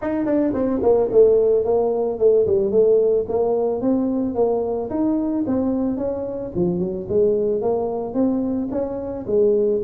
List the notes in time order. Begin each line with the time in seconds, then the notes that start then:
0.01 D#4
0.25 D4
0.53 C4
0.82 A#3
1.11 A3
1.64 A#3
2.18 A3
2.46 G3
2.71 A3
3.28 A#3
3.81 C4
4.35 A#3
4.89 D#4
5.46 C4
5.97 C#4
6.55 F3
6.79 F#3
7.08 G#3
7.61 A#3
8.14 C4
8.71 C#4
9.27 G#3